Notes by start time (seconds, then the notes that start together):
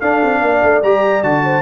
0.00 D4 A4 F5
0.23 C4
0.41 A#3 D5
0.62 A3
0.82 G3 G4 A#5
1.23 D3 F#4 A5
1.44 C5